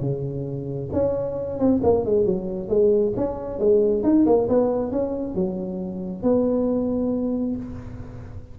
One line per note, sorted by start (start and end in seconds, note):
0.00 0.89 C#3
0.93 1.59 C#4
1.59 1.81 C4
1.83 2.05 A#3
2.05 2.25 G#3
2.25 2.68 F#3
2.68 3.13 G#3
3.16 3.59 C#4
3.59 4.03 G#3
4.03 4.25 D#4
4.26 4.48 A#3
4.48 4.91 B3
4.91 5.35 C#4
5.35 6.22 F#3
6.22 7.56 B3